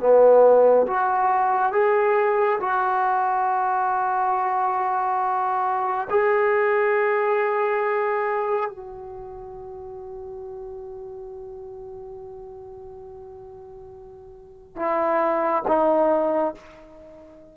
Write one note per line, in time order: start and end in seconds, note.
0.00 0.87 B3
0.87 1.73 F#4
1.73 2.60 G#4
2.60 6.08 F#4
6.10 8.70 G#4
8.70 14.76 F#4
14.76 15.63 E4
15.68 16.55 D#4